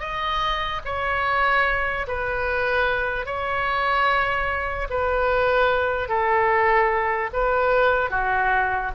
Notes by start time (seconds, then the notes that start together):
0.00 D#5
0.85 C#5
2.07 B4
3.26 C#5
4.90 B4
6.09 A4
7.33 B4
8.10 F#4